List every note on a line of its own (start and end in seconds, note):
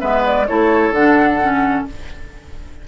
0.00 0.48 G#3
0.00 0.46 B3
0.00 0.47 B4
0.00 0.23 E5
0.26 0.47 D5
0.47 0.91 A3
0.47 0.94 E4
0.47 1.88 A4
0.47 0.94 C#5
0.91 1.84 D3
0.91 1.41 D4
0.91 1.86 F#5
1.41 1.87 C#4